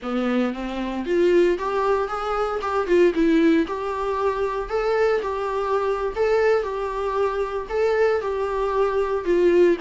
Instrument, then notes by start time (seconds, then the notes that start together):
viola
0.02 B3
0.53 C4
1.05 F4
1.58 G4
2.08 G#4
2.61 G4
2.87 F4
3.14 E4
3.67 G4
4.69 A4
5.22 G4
6.15 A4
6.62 G4
7.69 A4
8.21 G4
9.24 F4